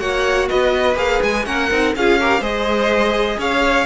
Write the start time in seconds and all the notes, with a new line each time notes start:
0.00 A#3 F#4 C#5 F#5
0.49 B3 B4 D#5
0.95 A#3 G#4 F5
1.23 G#3 G#5
1.45 A#3 C#4 A#4 F#5
1.71 C4 D#4
1.96 C#4 F4 G#4 F5
2.20 G4 A#4
2.41 G#3 G#4 C5 D#5
3.39 C#4 C#5 F5